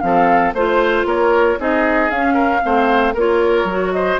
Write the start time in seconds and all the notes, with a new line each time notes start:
0.00 F3 C4 A4 F5
0.54 A3 F4 C5
1.05 A#3 A#4 C#5
1.59 C4 D#4 G#4 D#5
2.10 C#4 F5
2.34 A#4
2.62 A3 C4 C5
3.15 A#3 F4 A#4 C#5
3.65 F#3 F#4
3.93 C5 D#5